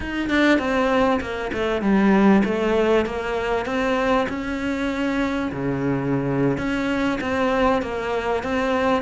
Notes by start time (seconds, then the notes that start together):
0.00 D#4
0.29 D4
0.58 C4
1.20 A#3
1.53 A3
1.81 G3
2.44 A3
3.05 A#3
3.65 C4
4.29 C#4
5.52 C#3
6.57 C#4
7.20 C4
7.81 A#3
8.43 C4